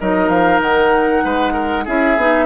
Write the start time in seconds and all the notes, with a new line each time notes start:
0.00 F#3 D#4 A#4 D#5
0.29 F3 F5
0.60 D#3 F#5
1.24 G#3 B4
1.53 A#4
1.85 C#4 E4 G#4 E5
2.17 B3 D#4